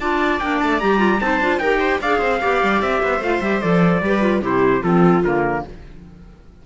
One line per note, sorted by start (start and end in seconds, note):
0.00 0.40 D4
0.00 0.41 F4
0.00 1.22 D5
0.00 0.40 A5
0.40 0.62 A#3
0.40 0.81 D4
0.40 0.60 G5
0.60 0.82 A3
0.60 0.80 A5
0.80 1.21 G3
0.80 0.98 G4
0.80 1.20 A#5
0.98 1.18 F4
1.20 1.40 C4
1.20 1.40 D#4
1.20 1.61 C5
1.20 1.59 A5
1.40 1.59 D4
1.40 1.61 F4
1.59 1.99 D#4
1.59 2.03 G4
1.59 1.80 A#4
1.59 1.99 G5
1.80 2.00 C5
2.01 2.22 D4
2.01 2.41 G#4
2.01 2.19 D5
2.01 2.82 F5
2.19 2.42 C4
2.19 2.39 C5
2.41 2.63 B3
2.41 3.22 G4
2.41 3.02 D5
2.63 2.82 G3
2.82 3.02 C4
2.82 3.22 E5
3.02 3.20 B3
3.02 4.03 C5
3.20 3.40 A3
3.20 3.42 F4
3.20 3.42 F5
3.41 3.61 G3
3.41 3.62 G4
3.41 3.61 E5
3.61 4.01 F3
3.61 4.02 A4
3.61 4.42 D5
4.01 4.41 G3
4.01 4.21 G4
4.01 4.42 B4
4.21 4.41 F4
4.41 4.82 C3
4.41 4.82 E4
4.41 4.82 G4
4.41 4.83 C5
4.82 5.23 F3
4.82 5.23 C4
4.82 5.63 F4
4.82 5.23 A4
5.23 5.63 D3
5.23 5.66 A#3
5.23 5.65 A#4